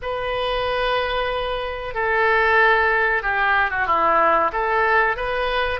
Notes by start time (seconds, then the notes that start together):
0.02 B4
1.94 A4
3.22 G4
3.70 F#4
3.86 E4
4.52 A4
5.16 B4